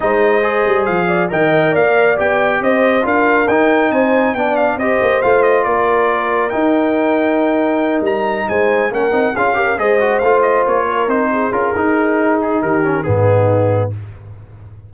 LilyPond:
<<
  \new Staff \with { instrumentName = "trumpet" } { \time 4/4 \tempo 4 = 138 dis''2 f''4 g''4 | f''4 g''4 dis''4 f''4 | g''4 gis''4 g''8 f''8 dis''4 | f''8 dis''8 d''2 g''4~ |
g''2~ g''8 ais''4 gis''8~ | gis''8 fis''4 f''4 dis''4 f''8 | dis''8 cis''4 c''4 ais'4.~ | ais'8 gis'8 ais'4 gis'2 | }
  \new Staff \with { instrumentName = "horn" } { \time 4/4 c''2~ c''8 d''8 dis''4 | d''2 c''4 ais'4~ | ais'4 c''4 d''4 c''4~ | c''4 ais'2.~ |
ais'2.~ ais'8 c''8~ | c''8 ais'4 gis'8 ais'8 c''4.~ | c''4 ais'4 gis'2~ | gis'4 g'4 dis'2 | }
  \new Staff \with { instrumentName = "trombone" } { \time 4/4 dis'4 gis'2 ais'4~ | ais'4 g'2 f'4 | dis'2 d'4 g'4 | f'2. dis'4~ |
dis'1~ | dis'8 cis'8 dis'8 f'8 g'8 gis'8 fis'8 f'8~ | f'4. dis'4 f'8 dis'4~ | dis'4. cis'8 b2 | }
  \new Staff \with { instrumentName = "tuba" } { \time 4/4 gis4. g8 f4 dis4 | ais4 b4 c'4 d'4 | dis'4 c'4 b4 c'8 ais8 | a4 ais2 dis'4~ |
dis'2~ dis'8 g4 gis8~ | gis8 ais8 c'8 cis'4 gis4 a8~ | a8 ais4 c'4 cis'8 dis'4~ | dis'4 dis4 gis,2 | }
>>